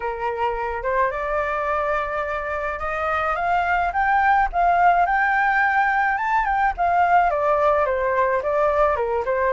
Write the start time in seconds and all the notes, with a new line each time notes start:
0.00 A#4
0.83 C5
1.10 D5
2.79 D#5
3.35 F5
3.93 G5
4.52 F5
5.06 G5
6.17 A5
6.45 G5
6.77 F5
7.30 D5
7.85 C5
8.42 D5
8.96 A#4
9.25 C5